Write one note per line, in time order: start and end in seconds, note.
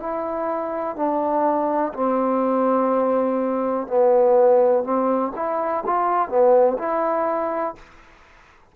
0.00 0.96 E4
0.96 1.93 D4
1.94 3.88 C4
3.88 4.84 B3
4.84 5.32 C4
5.36 5.84 E4
5.86 6.29 F4
6.29 6.77 B3
6.79 7.76 E4